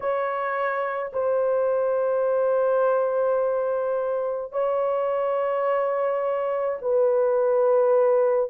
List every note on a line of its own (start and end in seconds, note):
0.00 1.12 C#5
1.13 4.52 C5
4.52 6.78 C#5
6.81 8.50 B4